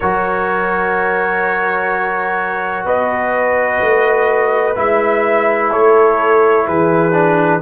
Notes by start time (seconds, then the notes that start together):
0.00 F#3 F#4 A#4 C#5
2.84 B3 B4 D#5
3.81 A3
4.75 G#3 E4 E5
5.71 A3 A4 C#5
6.66 E3 G#4 B4
7.12 D4